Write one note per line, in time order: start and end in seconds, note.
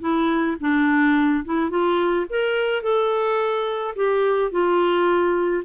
0.00 0.56 E4
0.60 1.44 D4
1.44 1.69 E4
1.69 2.25 F4
2.29 2.82 A#4
2.82 3.94 A4
3.95 4.51 G4
4.51 5.63 F4